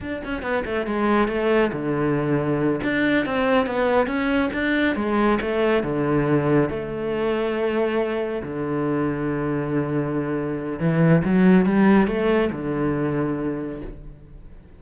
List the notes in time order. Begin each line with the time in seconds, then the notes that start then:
0.00 D4
0.24 C#4
0.42 B3
0.65 A3
0.86 G#3
1.28 A3
1.72 D3
2.83 D4
3.25 C4
3.66 B3
4.06 C#4
4.53 D4
4.95 G#3
5.41 A3
5.83 D3
6.69 A3
8.43 D3
10.79 E3
11.24 F#3
11.65 G3
12.07 A3
12.52 D3